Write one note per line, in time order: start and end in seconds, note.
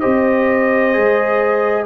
0.00 0.97 C4
0.00 0.93 G4
0.00 1.85 C5
0.00 1.85 D#5
0.93 1.86 G#3
0.93 1.86 G#4